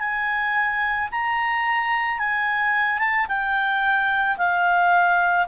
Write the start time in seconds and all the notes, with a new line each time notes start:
0.00 G#5
1.12 A#5
2.19 G#5
2.99 A5
3.29 G5
4.38 F5